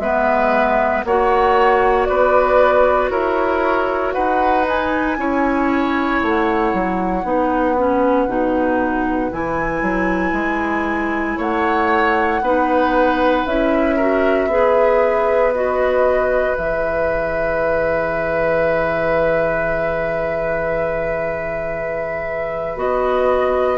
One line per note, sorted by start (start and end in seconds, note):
0.00 1.03 G#3
0.00 1.05 B3
0.00 1.06 B4
0.00 1.04 E5
1.05 2.09 A#3
1.05 4.65 F#4
1.05 2.09 C#5
1.05 2.06 F#5
2.06 3.11 B3
2.06 3.11 B4
2.06 3.09 D5
3.11 4.14 E4
3.11 4.14 A#4
3.11 4.14 C#5
4.14 5.18 D#4
4.14 5.18 B4
4.14 4.65 F#5
4.65 5.17 D#4
4.65 6.23 G#5
5.18 6.22 C#4
5.18 7.24 E4
5.18 7.26 C#5
6.23 6.74 A3
6.23 9.33 F#5
6.74 7.24 F#3
7.24 8.27 B3
7.24 7.76 D#4
7.24 11.37 B4
7.77 8.28 C#4
8.27 9.31 B2
8.27 9.32 D#4
9.32 9.82 E3
9.32 12.42 E4
9.32 11.39 G#5
9.82 10.33 F#3
10.33 11.37 G#3
11.37 12.42 A3
11.37 12.41 C#5
11.37 13.47 F#5
12.42 13.45 B3
12.42 13.48 D#4
12.42 13.97 B4
13.47 14.47 C#4
13.47 14.00 E4
13.47 15.53 E5
13.97 14.50 F#4
13.97 14.48 A#4
14.47 16.54 B3
14.47 15.53 G#4
14.54 23.78 B4
15.54 16.58 F#4
15.54 16.58 D#5
16.58 22.76 E3
16.58 22.77 G#4
16.58 22.79 E5
22.76 23.78 B3
22.76 23.78 F#4
22.76 23.78 D#5